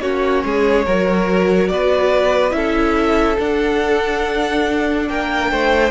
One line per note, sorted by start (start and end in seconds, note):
0.00 0.43 A#3
0.00 0.86 C#4
0.00 0.43 F#4
0.00 1.68 C#5
0.44 0.86 G#3
0.44 0.85 G#4
0.85 1.70 F#3
0.85 2.51 F#4
0.85 1.69 A#4
1.68 2.52 B3
1.68 2.55 B4
1.68 2.51 D5
2.51 3.37 C#4
2.51 3.35 E4
2.51 5.09 A4
2.51 3.36 E5
3.38 5.91 D4
3.38 5.08 D4
3.38 5.08 F#5
5.08 5.50 A#3
5.08 5.51 A#4
5.08 5.91 G5
5.50 5.91 A3
5.50 5.91 C5